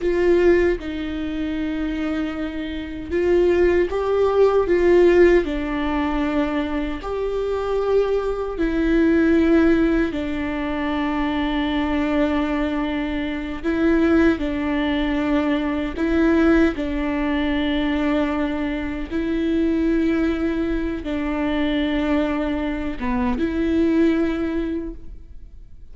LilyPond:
\new Staff \with { instrumentName = "viola" } { \time 4/4 \tempo 4 = 77 f'4 dis'2. | f'4 g'4 f'4 d'4~ | d'4 g'2 e'4~ | e'4 d'2.~ |
d'4. e'4 d'4.~ | d'8 e'4 d'2~ d'8~ | d'8 e'2~ e'8 d'4~ | d'4. b8 e'2 | }